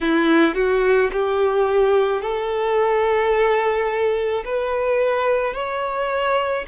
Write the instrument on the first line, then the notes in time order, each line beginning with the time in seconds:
violin
0.00 E4
0.54 F#4
1.12 G4
2.21 A4
4.44 B4
5.54 C#5